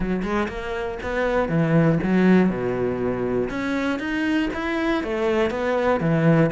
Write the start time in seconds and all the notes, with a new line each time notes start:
0.00 F#3
0.22 G#3
0.48 A#3
1.02 B3
1.49 E3
2.02 F#3
2.49 B2
3.49 C#4
3.99 D#4
4.53 E4
5.03 A3
5.50 B3
6.00 E3